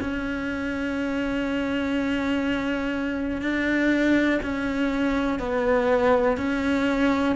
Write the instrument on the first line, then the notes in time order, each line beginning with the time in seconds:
cello
0.00 C#4
3.42 D4
4.42 C#4
5.39 B3
6.37 C#4